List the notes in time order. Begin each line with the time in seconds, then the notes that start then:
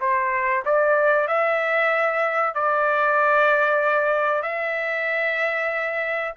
0.00 C5
0.65 D5
1.27 E5
2.54 D5
4.42 E5